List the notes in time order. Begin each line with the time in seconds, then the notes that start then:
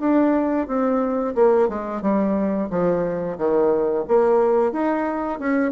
0.00 D4
0.67 C4
1.35 A#3
1.69 G#3
2.02 G3
2.70 F3
3.38 D#3
4.08 A#3
4.72 D#4
5.39 C#4